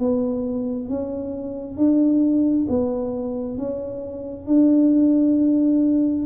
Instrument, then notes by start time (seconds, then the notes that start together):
tuba
0.00 B3
0.90 C#4
1.77 D4
2.69 B3
3.58 C#4
4.47 D4